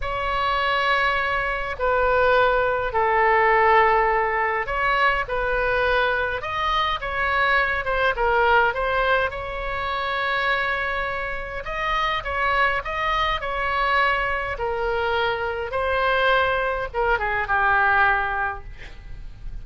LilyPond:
\new Staff \with { instrumentName = "oboe" } { \time 4/4 \tempo 4 = 103 cis''2. b'4~ | b'4 a'2. | cis''4 b'2 dis''4 | cis''4. c''8 ais'4 c''4 |
cis''1 | dis''4 cis''4 dis''4 cis''4~ | cis''4 ais'2 c''4~ | c''4 ais'8 gis'8 g'2 | }